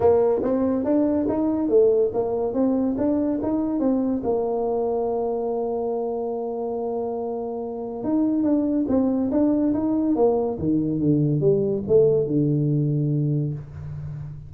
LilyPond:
\new Staff \with { instrumentName = "tuba" } { \time 4/4 \tempo 4 = 142 ais4 c'4 d'4 dis'4 | a4 ais4 c'4 d'4 | dis'4 c'4 ais2~ | ais1~ |
ais2. dis'4 | d'4 c'4 d'4 dis'4 | ais4 dis4 d4 g4 | a4 d2. | }